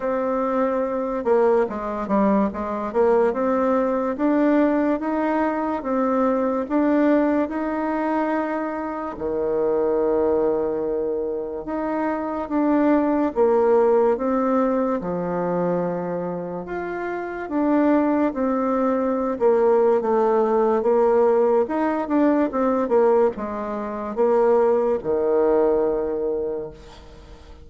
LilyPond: \new Staff \with { instrumentName = "bassoon" } { \time 4/4 \tempo 4 = 72 c'4. ais8 gis8 g8 gis8 ais8 | c'4 d'4 dis'4 c'4 | d'4 dis'2 dis4~ | dis2 dis'4 d'4 |
ais4 c'4 f2 | f'4 d'4 c'4~ c'16 ais8. | a4 ais4 dis'8 d'8 c'8 ais8 | gis4 ais4 dis2 | }